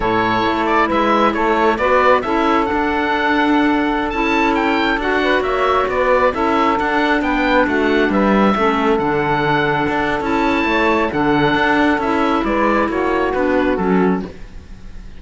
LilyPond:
<<
  \new Staff \with { instrumentName = "oboe" } { \time 4/4 \tempo 4 = 135 cis''4. d''8 e''4 cis''4 | d''4 e''4 fis''2~ | fis''4~ fis''16 a''4 g''4 fis''8.~ | fis''16 e''4 d''4 e''4 fis''8.~ |
fis''16 g''4 fis''4 e''4.~ e''16~ | e''16 fis''2~ fis''8. a''4~ | a''4 fis''2 e''4 | d''4 cis''4 b'4 a'4 | }
  \new Staff \with { instrumentName = "saxophone" } { \time 4/4 a'2 b'4 a'4 | b'4 a'2.~ | a'2.~ a'8. b'16~ | b'16 cis''4 b'4 a'4.~ a'16~ |
a'16 b'4 fis'4 b'4 a'8.~ | a'1 | cis''4 a'2. | b'4 fis'2. | }
  \new Staff \with { instrumentName = "clarinet" } { \time 4/4 e'1 | fis'4 e'4 d'2~ | d'4~ d'16 e'2 fis'8.~ | fis'2~ fis'16 e'4 d'8.~ |
d'2.~ d'16 cis'8.~ | cis'16 d'2~ d'8. e'4~ | e'4 d'2 e'4~ | e'2 d'4 cis'4 | }
  \new Staff \with { instrumentName = "cello" } { \time 4/4 a,4 a4 gis4 a4 | b4 cis'4 d'2~ | d'4~ d'16 cis'2 d'8.~ | d'16 ais4 b4 cis'4 d'8.~ |
d'16 b4 a4 g4 a8.~ | a16 d2 d'8. cis'4 | a4 d4 d'4 cis'4 | gis4 ais4 b4 fis4 | }
>>